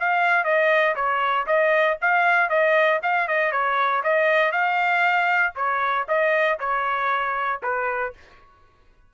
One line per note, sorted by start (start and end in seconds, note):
0.00 0.44 F5
0.44 0.95 D#5
0.96 1.47 C#5
1.47 1.98 D#5
2.02 2.50 F5
2.50 3.01 D#5
3.03 3.28 F5
3.28 3.52 D#5
3.52 4.03 C#5
4.04 4.52 D#5
4.52 5.54 F5
5.56 6.06 C#5
6.09 6.59 D#5
6.60 7.61 C#5
7.63 8.14 B4